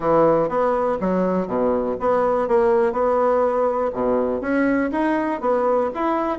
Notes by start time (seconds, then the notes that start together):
0.00 E3
0.48 B3
1.00 F#3
1.47 B2
1.99 B3
2.47 A#3
2.92 B3
3.93 B2
4.41 C#4
4.91 D#4
5.41 B3
5.94 E4